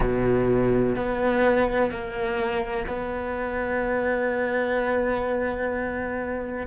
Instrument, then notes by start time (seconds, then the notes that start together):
cello
0.00 B2
0.96 B3
1.90 A#3
2.87 B3